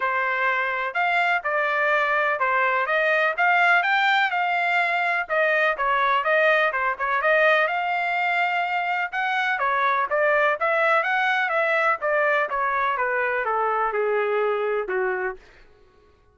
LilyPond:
\new Staff \with { instrumentName = "trumpet" } { \time 4/4 \tempo 4 = 125 c''2 f''4 d''4~ | d''4 c''4 dis''4 f''4 | g''4 f''2 dis''4 | cis''4 dis''4 c''8 cis''8 dis''4 |
f''2. fis''4 | cis''4 d''4 e''4 fis''4 | e''4 d''4 cis''4 b'4 | a'4 gis'2 fis'4 | }